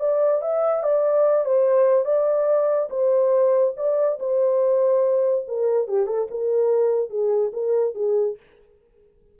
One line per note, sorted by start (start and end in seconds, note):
0.00 0.42 D5
0.42 0.83 E5
0.83 1.45 D5
1.45 2.05 C5
2.05 2.89 D5
2.90 3.74 C5
3.77 4.19 D5
4.20 5.46 C5
5.48 5.88 A#4
5.88 6.07 G4
6.07 6.28 A4
6.31 7.10 A#4
7.10 7.52 G#4
7.53 7.95 A#4
7.95 8.37 G#4